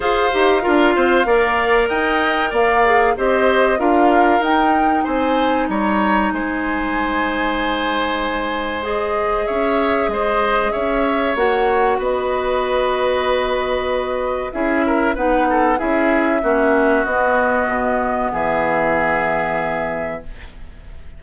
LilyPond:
<<
  \new Staff \with { instrumentName = "flute" } { \time 4/4 \tempo 4 = 95 f''2. g''4 | f''4 dis''4 f''4 g''4 | gis''4 ais''4 gis''2~ | gis''2 dis''4 e''4 |
dis''4 e''4 fis''4 dis''4~ | dis''2. e''4 | fis''4 e''2 dis''4~ | dis''4 e''2. | }
  \new Staff \with { instrumentName = "oboe" } { \time 4/4 c''4 ais'8 c''8 d''4 dis''4 | d''4 c''4 ais'2 | c''4 cis''4 c''2~ | c''2. cis''4 |
c''4 cis''2 b'4~ | b'2. gis'8 ais'8 | b'8 a'8 gis'4 fis'2~ | fis'4 gis'2. | }
  \new Staff \with { instrumentName = "clarinet" } { \time 4/4 gis'8 g'8 f'4 ais'2~ | ais'8 gis'8 g'4 f'4 dis'4~ | dis'1~ | dis'2 gis'2~ |
gis'2 fis'2~ | fis'2. e'4 | dis'4 e'4 cis'4 b4~ | b1 | }
  \new Staff \with { instrumentName = "bassoon" } { \time 4/4 f'8 dis'8 d'8 c'8 ais4 dis'4 | ais4 c'4 d'4 dis'4 | c'4 g4 gis2~ | gis2. cis'4 |
gis4 cis'4 ais4 b4~ | b2. cis'4 | b4 cis'4 ais4 b4 | b,4 e2. | }
>>